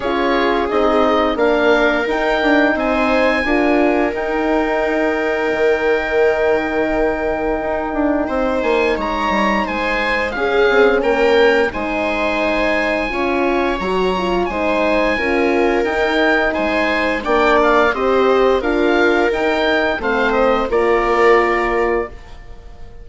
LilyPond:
<<
  \new Staff \with { instrumentName = "oboe" } { \time 4/4 \tempo 4 = 87 cis''4 dis''4 f''4 g''4 | gis''2 g''2~ | g''1~ | g''8 gis''8 ais''4 gis''4 f''4 |
g''4 gis''2. | ais''4 gis''2 g''4 | gis''4 g''8 f''8 dis''4 f''4 | g''4 f''8 dis''8 d''2 | }
  \new Staff \with { instrumentName = "viola" } { \time 4/4 gis'2 ais'2 | c''4 ais'2.~ | ais'1 | c''4 cis''4 c''4 gis'4 |
ais'4 c''2 cis''4~ | cis''4 c''4 ais'2 | c''4 d''4 c''4 ais'4~ | ais'4 c''4 ais'2 | }
  \new Staff \with { instrumentName = "horn" } { \time 4/4 f'4 dis'4 d'4 dis'4~ | dis'4 f'4 dis'2~ | dis'1~ | dis'2. cis'4~ |
cis'4 dis'2 f'4 | fis'8 f'8 dis'4 f'4 dis'4~ | dis'4 d'4 g'4 f'4 | dis'4 c'4 f'2 | }
  \new Staff \with { instrumentName = "bassoon" } { \time 4/4 cis'4 c'4 ais4 dis'8 d'8 | c'4 d'4 dis'2 | dis2. dis'8 d'8 | c'8 ais8 gis8 g8 gis4 cis'8 c'8 |
ais4 gis2 cis'4 | fis4 gis4 cis'4 dis'4 | gis4 ais4 c'4 d'4 | dis'4 a4 ais2 | }
>>